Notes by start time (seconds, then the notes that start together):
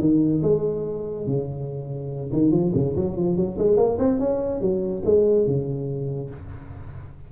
0.00 D#3
0.43 G#3
1.27 C#3
2.33 D#3
2.52 F3
2.75 C#3
2.96 F#3
3.17 F3
3.37 F#3
3.58 G#3
3.77 A#3
3.99 C4
4.19 C#4
4.61 F#3
5.05 G#3
5.46 C#3